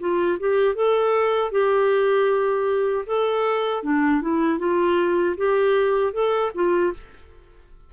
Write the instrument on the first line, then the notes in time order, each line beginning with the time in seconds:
clarinet
0.00 F4
0.40 G4
0.75 A4
1.51 G4
3.06 A4
3.83 D4
4.22 E4
4.59 F4
5.37 G4
6.13 A4
6.55 F4